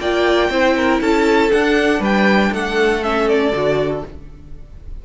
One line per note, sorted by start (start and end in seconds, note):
0.00 0.50 A#3
0.00 0.52 F4
0.00 0.50 D5
0.00 1.01 G5
0.50 1.00 C4
0.50 1.51 E4
0.50 0.75 C5
0.76 1.01 A#4
1.01 1.51 C#4
1.01 2.00 A4
1.01 1.52 A5
1.51 3.03 D4
1.51 2.00 D4
1.51 2.02 F#5
2.00 2.50 G3
2.00 2.50 B4
2.00 2.54 G5
2.52 3.52 A3
2.52 4.05 A4
2.52 3.03 F#5
3.03 3.53 C#4
3.03 3.29 E5
3.29 4.04 D5
3.52 4.02 D3
3.52 4.03 F#4